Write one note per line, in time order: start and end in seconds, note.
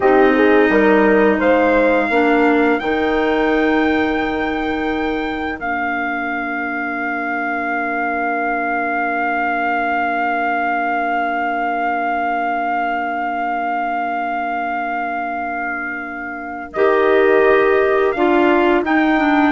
0.00 0.69 C4
0.00 2.12 D#4
0.00 0.35 G4
0.00 1.40 D#5
0.36 0.70 G#4
0.69 1.39 G3
0.69 1.39 A#4
1.39 2.09 G#3
1.39 2.08 C5
1.39 2.79 F5
2.09 2.79 A#3
2.09 2.80 D4
2.09 19.51 A#4
2.79 5.60 D#3
2.79 5.58 D#4
2.79 5.58 G5
5.58 16.75 A#3
5.58 16.74 D4
5.58 16.73 F5
16.73 18.15 D#3
16.73 18.15 G4
16.73 18.11 D#5
18.11 18.83 D4
18.11 18.84 F4
18.11 18.81 F5
18.83 19.51 D#4
18.83 19.18 D#4
18.83 19.51 G5
19.18 19.51 D4